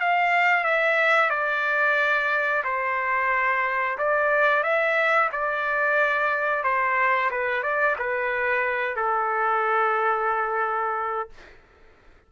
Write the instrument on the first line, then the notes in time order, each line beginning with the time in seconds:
trumpet
0.00 F5
0.64 E5
1.30 D5
2.64 C5
3.98 D5
4.63 E5
5.32 D5
6.63 C5
7.31 B4
7.62 D5
7.98 B4
8.96 A4